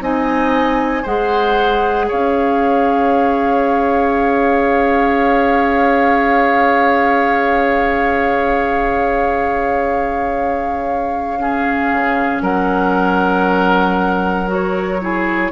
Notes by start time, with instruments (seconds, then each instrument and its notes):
0.00 bassoon C4, clarinet D#4, oboe D#5, flute G#5
1.02 bassoon G#3, clarinet G#4, oboe C5, flute F#5
2.08 bassoon C#4, oboe C#5, flute F5
11.39 clarinet C#4, oboe G#4
11.92 bassoon C#3
12.41 bassoon F#3, oboe A#4, flute F#5
14.47 clarinet F#4, flute C#5
15.01 clarinet E4, oboe G#4